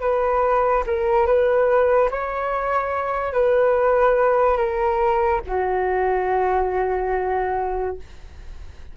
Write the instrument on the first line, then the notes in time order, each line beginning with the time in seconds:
flute
0.00 B4
0.86 A#4
1.26 B4
2.11 C#5
3.33 B4
4.57 A#4
5.47 F#4